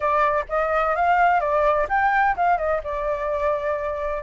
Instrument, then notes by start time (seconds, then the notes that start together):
flute
0.00 D5
0.48 D#5
0.95 F5
1.40 D5
1.88 G5
2.36 F5
2.57 D#5
2.83 D5